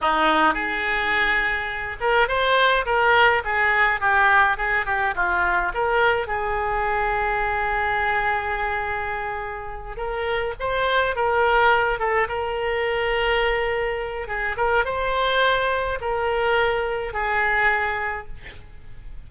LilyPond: \new Staff \with { instrumentName = "oboe" } { \time 4/4 \tempo 4 = 105 dis'4 gis'2~ gis'8 ais'8 | c''4 ais'4 gis'4 g'4 | gis'8 g'8 f'4 ais'4 gis'4~ | gis'1~ |
gis'4. ais'4 c''4 ais'8~ | ais'4 a'8 ais'2~ ais'8~ | ais'4 gis'8 ais'8 c''2 | ais'2 gis'2 | }